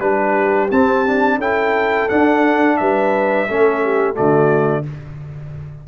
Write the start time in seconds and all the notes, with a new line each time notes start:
0.00 G3 D4 G4 B4
0.71 C4 A5
1.07 D4
1.38 C#4 E4 A4 G5
2.09 D4 F#5
2.77 G3 B4 E5
3.49 A3 C#4 A4
3.84 G4
4.15 D3 A3 F#4 D5